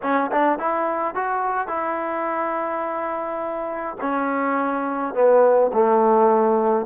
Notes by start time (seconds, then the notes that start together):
0.02 C#4
0.31 D4
0.58 E4
1.14 F#4
1.67 E4
4.01 C#4
5.14 B3
5.73 A3